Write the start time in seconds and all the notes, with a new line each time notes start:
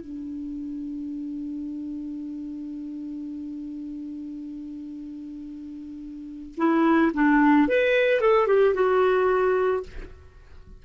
0.00 D4
6.57 E4
7.14 D4
7.68 B4
8.20 A4
8.47 G4
8.74 F#4